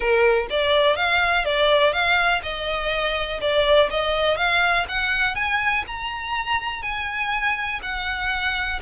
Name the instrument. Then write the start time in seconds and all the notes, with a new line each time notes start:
violin
0.00 A#4
0.50 D5
0.95 F5
1.44 D5
1.93 F5
2.43 D#5
3.40 D5
3.90 D#5
4.37 F5
4.88 F#5
5.35 G#5
5.87 A#5
6.82 G#5
7.82 F#5